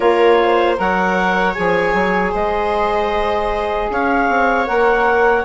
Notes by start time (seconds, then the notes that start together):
0.00 A#3 F4 A#4 C#5
0.42 C5
0.75 F#3 A#4 C#5 F#5
1.53 F3 G#4 G#5
1.93 F#3
2.31 G#3 C5 D#5
3.90 C#4 C#5 F5
4.28 C4
4.65 A#3 A#4 F#5